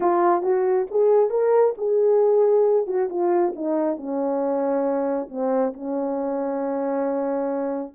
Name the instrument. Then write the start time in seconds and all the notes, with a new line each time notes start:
horn
0.00 F4
0.42 F#4
0.90 G#4
1.30 A#4
1.77 G#4
2.87 F#4
3.09 F4
3.55 D#4
3.96 C#4
5.29 C4
5.73 C#4